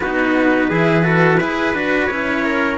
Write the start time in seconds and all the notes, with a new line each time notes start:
0.00 B3 D#4 F#4 B4
0.69 E3 E4 G#4
1.03 F#4 A4
1.38 E4 G#4 B4
1.73 D4 F#4
2.06 C#4 E4 C#5
2.43 A#4